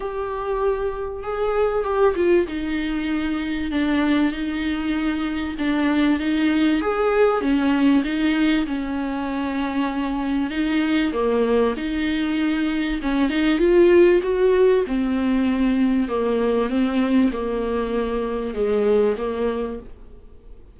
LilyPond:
\new Staff \with { instrumentName = "viola" } { \time 4/4 \tempo 4 = 97 g'2 gis'4 g'8 f'8 | dis'2 d'4 dis'4~ | dis'4 d'4 dis'4 gis'4 | cis'4 dis'4 cis'2~ |
cis'4 dis'4 ais4 dis'4~ | dis'4 cis'8 dis'8 f'4 fis'4 | c'2 ais4 c'4 | ais2 gis4 ais4 | }